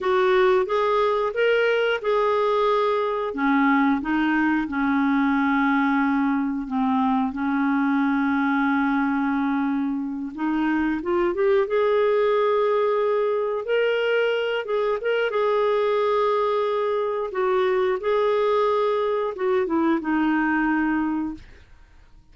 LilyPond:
\new Staff \with { instrumentName = "clarinet" } { \time 4/4 \tempo 4 = 90 fis'4 gis'4 ais'4 gis'4~ | gis'4 cis'4 dis'4 cis'4~ | cis'2 c'4 cis'4~ | cis'2.~ cis'8 dis'8~ |
dis'8 f'8 g'8 gis'2~ gis'8~ | gis'8 ais'4. gis'8 ais'8 gis'4~ | gis'2 fis'4 gis'4~ | gis'4 fis'8 e'8 dis'2 | }